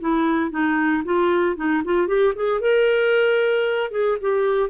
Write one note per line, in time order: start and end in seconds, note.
0.00 0.50 E4
0.50 1.02 D#4
1.04 1.56 F4
1.56 1.82 D#4
1.84 2.07 F4
2.07 2.33 G4
2.35 2.60 G#4
2.60 3.91 A#4
3.91 4.17 G#4
4.21 4.69 G4